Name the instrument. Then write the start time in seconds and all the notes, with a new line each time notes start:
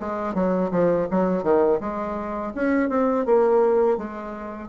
bassoon
0.00 G#3
0.34 F#3
0.71 F3
1.11 F#3
1.43 D#3
1.80 G#3
2.55 C#4
2.89 C4
3.26 A#3
3.98 G#3